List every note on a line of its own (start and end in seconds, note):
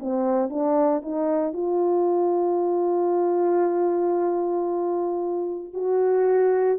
0.00 0.50 C4
0.50 1.02 D4
1.02 1.54 D#4
1.54 5.74 F4
5.74 6.79 F#4